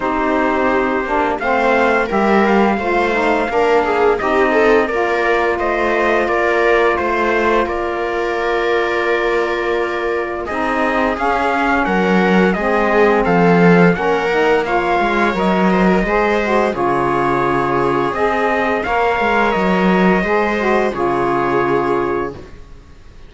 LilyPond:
<<
  \new Staff \with { instrumentName = "trumpet" } { \time 4/4 \tempo 4 = 86 c''2 f''4 e''8 f''8~ | f''2 dis''4 d''4 | dis''4 d''4 c''4 d''4~ | d''2. dis''4 |
f''4 fis''4 dis''4 f''4 | fis''4 f''4 dis''2 | cis''2 dis''4 f''4 | dis''2 cis''2 | }
  \new Staff \with { instrumentName = "viola" } { \time 4/4 g'2 c''4 ais'4 | c''4 ais'8 gis'8 g'8 a'8 ais'4 | c''4 ais'4 c''4 ais'4~ | ais'2. gis'4~ |
gis'4 ais'4 gis'4 a'4 | ais'4 cis''4. c''16 ais'16 c''4 | gis'2. cis''4~ | cis''4 c''4 gis'2 | }
  \new Staff \with { instrumentName = "saxophone" } { \time 4/4 dis'4. d'8 c'4 g'4 | f'8 dis'8 d'4 dis'4 f'4~ | f'1~ | f'2. dis'4 |
cis'2 c'2 | cis'8 dis'8 f'4 ais'4 gis'8 fis'8 | f'2 gis'4 ais'4~ | ais'4 gis'8 fis'8 f'2 | }
  \new Staff \with { instrumentName = "cello" } { \time 4/4 c'4. ais8 a4 g4 | a4 ais4 c'4 ais4 | a4 ais4 a4 ais4~ | ais2. c'4 |
cis'4 fis4 gis4 f4 | ais4. gis8 fis4 gis4 | cis2 c'4 ais8 gis8 | fis4 gis4 cis2 | }
>>